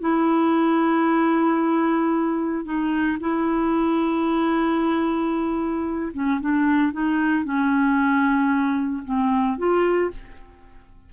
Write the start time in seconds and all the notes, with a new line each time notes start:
0.00 E4
2.64 D#4
3.20 E4
6.13 C#4
6.40 D4
6.92 D#4
7.44 C#4
9.05 C4
9.57 F4